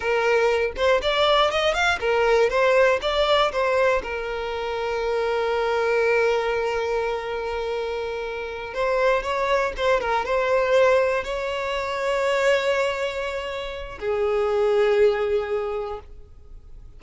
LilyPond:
\new Staff \with { instrumentName = "violin" } { \time 4/4 \tempo 4 = 120 ais'4. c''8 d''4 dis''8 f''8 | ais'4 c''4 d''4 c''4 | ais'1~ | ais'1~ |
ais'4. c''4 cis''4 c''8 | ais'8 c''2 cis''4.~ | cis''1 | gis'1 | }